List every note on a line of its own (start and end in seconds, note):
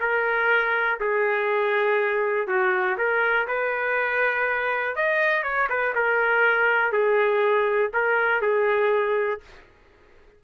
0.00 0.99 A#4
1.00 2.47 G#4
2.47 2.97 F#4
2.97 3.47 A#4
3.47 4.96 B4
4.96 5.43 D#5
5.43 5.68 C#5
5.69 5.94 B4
5.95 6.92 A#4
6.92 7.91 G#4
7.93 8.41 A#4
8.41 9.40 G#4